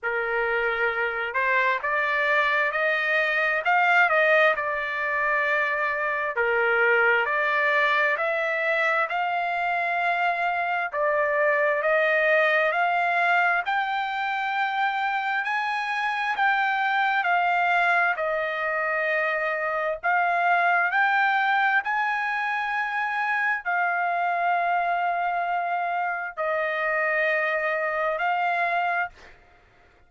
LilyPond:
\new Staff \with { instrumentName = "trumpet" } { \time 4/4 \tempo 4 = 66 ais'4. c''8 d''4 dis''4 | f''8 dis''8 d''2 ais'4 | d''4 e''4 f''2 | d''4 dis''4 f''4 g''4~ |
g''4 gis''4 g''4 f''4 | dis''2 f''4 g''4 | gis''2 f''2~ | f''4 dis''2 f''4 | }